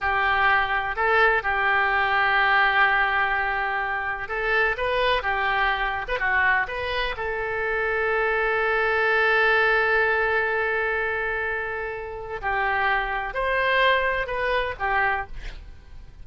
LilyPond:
\new Staff \with { instrumentName = "oboe" } { \time 4/4 \tempo 4 = 126 g'2 a'4 g'4~ | g'1~ | g'4 a'4 b'4 g'4~ | g'8. b'16 fis'4 b'4 a'4~ |
a'1~ | a'1~ | a'2 g'2 | c''2 b'4 g'4 | }